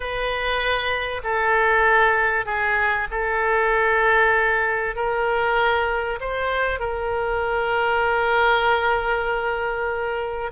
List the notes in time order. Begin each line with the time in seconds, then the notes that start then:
0.00 B4
1.23 A4
2.45 G#4
3.10 A4
4.95 A#4
6.20 C5
6.79 A#4